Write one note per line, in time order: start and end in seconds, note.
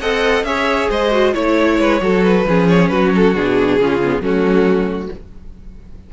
0.00 0.43 C4
0.00 0.45 A4
0.00 0.46 D#5
0.00 0.44 F#5
0.43 0.88 C#4
0.43 1.11 G#4
0.43 0.90 C#5
0.43 0.89 E5
0.90 1.34 G#3
0.90 1.34 C5
0.90 1.34 D#5
1.11 1.33 F#4
1.34 1.79 A3
1.34 2.00 E4
1.34 2.23 C#5
1.34 1.79 C#5
1.79 2.01 G#3
1.79 2.02 B4
2.01 2.45 F#3
2.01 2.46 F#4
2.01 2.47 A4
2.23 2.68 B4
2.46 2.90 F3
2.46 3.35 C#4
2.46 2.92 G#4
2.68 2.88 C#5
2.88 3.35 F#3
2.88 3.81 F#4
2.88 3.11 B4
3.15 3.35 A4
3.35 3.79 B2
3.35 3.80 D4
3.35 4.24 G#4
3.79 4.20 C#3
3.79 4.02 C#4
3.79 4.22 F4
4.03 4.23 B3
4.20 5.09 F#3
4.20 5.12 A3
4.20 5.11 C#4
4.20 5.13 F#4